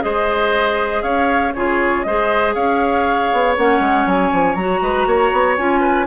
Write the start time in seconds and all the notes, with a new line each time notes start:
0.00 G#3 G#4 C5 D#5
1.02 C#4 C#5 F5
1.53 C#3 F4 G#4 C#5
2.03 G#3 G#4 C5 D#5
2.54 C#4 C#5 F5
3.32 B3
3.57 A#3 C#4 F#5
3.79 G#3
4.06 F#3 G#5
4.32 F3
4.55 F#3 F#4 A#5
4.81 G#3 B4
5.06 A#3 C#5
5.32 B3
5.57 C#4 F4 G#5
5.80 B4